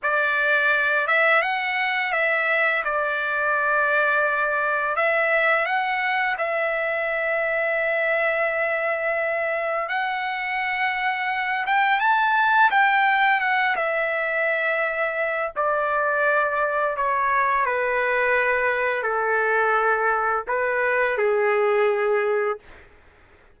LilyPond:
\new Staff \with { instrumentName = "trumpet" } { \time 4/4 \tempo 4 = 85 d''4. e''8 fis''4 e''4 | d''2. e''4 | fis''4 e''2.~ | e''2 fis''2~ |
fis''8 g''8 a''4 g''4 fis''8 e''8~ | e''2 d''2 | cis''4 b'2 a'4~ | a'4 b'4 gis'2 | }